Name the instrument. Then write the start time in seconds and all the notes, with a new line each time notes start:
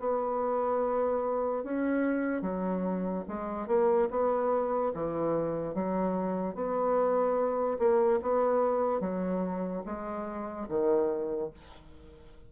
bassoon
0.00 B3
1.64 C#4
2.42 F#3
3.28 G#3
3.68 A#3
4.11 B3
4.94 E3
5.75 F#3
6.55 B3
7.79 A#3
8.22 B3
9.01 F#3
9.86 G#3
10.68 D#3